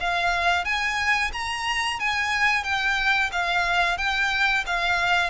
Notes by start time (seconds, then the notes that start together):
0.00 F5
0.65 G#5
1.33 A#5
1.99 G#5
2.64 G5
3.32 F5
3.98 G5
4.66 F5